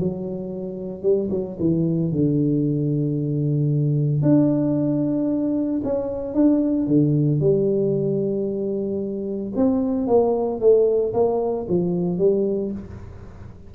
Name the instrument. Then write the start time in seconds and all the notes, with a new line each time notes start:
tuba
0.00 F#3
1.03 G3
1.31 F#3
1.60 E3
2.12 D3
4.22 D4
5.84 C#4
6.35 D4
6.87 D3
7.40 G3
9.56 C4
10.07 A#3
10.60 A3
11.14 A#3
11.69 F3
12.19 G3